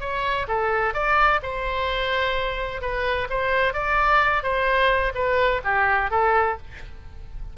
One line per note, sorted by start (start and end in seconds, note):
0.00 0.47 C#5
0.48 0.93 A4
0.93 1.40 D5
1.42 2.81 C5
2.81 3.27 B4
3.30 3.73 C5
3.73 4.42 D5
4.42 5.12 C5
5.14 5.61 B4
5.64 6.10 G4
6.10 6.57 A4